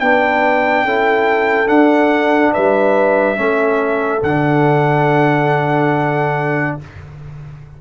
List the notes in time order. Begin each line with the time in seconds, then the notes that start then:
0.00 B3 D4 B4 G5
0.84 C#4 E4 A4
1.67 D4 F#5
2.53 G3 B4 E5
3.36 A3 C#4 A4
4.23 D3 D4 F#5